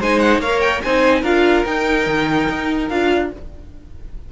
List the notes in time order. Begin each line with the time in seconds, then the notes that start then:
0.00 G#3 D#4 C5 G#5
0.19 F#5
0.39 A#3 A#4 C#5 F5
0.61 G5
0.82 C4 D#4 C5 G#5
1.21 D4 F4 A#4 F5
1.65 D#4 G5
2.06 D#3
2.49 D#4
2.89 D4 F4 F5